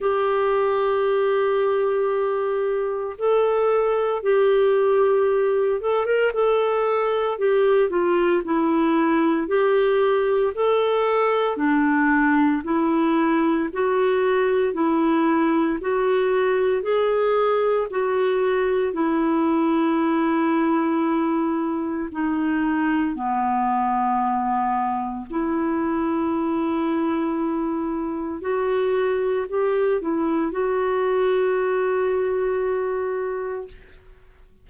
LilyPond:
\new Staff \with { instrumentName = "clarinet" } { \time 4/4 \tempo 4 = 57 g'2. a'4 | g'4. a'16 ais'16 a'4 g'8 f'8 | e'4 g'4 a'4 d'4 | e'4 fis'4 e'4 fis'4 |
gis'4 fis'4 e'2~ | e'4 dis'4 b2 | e'2. fis'4 | g'8 e'8 fis'2. | }